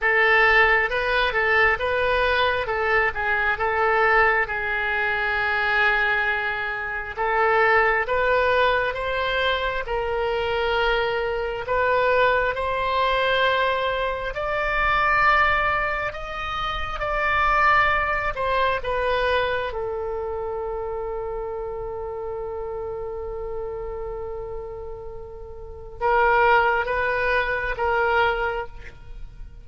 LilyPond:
\new Staff \with { instrumentName = "oboe" } { \time 4/4 \tempo 4 = 67 a'4 b'8 a'8 b'4 a'8 gis'8 | a'4 gis'2. | a'4 b'4 c''4 ais'4~ | ais'4 b'4 c''2 |
d''2 dis''4 d''4~ | d''8 c''8 b'4 a'2~ | a'1~ | a'4 ais'4 b'4 ais'4 | }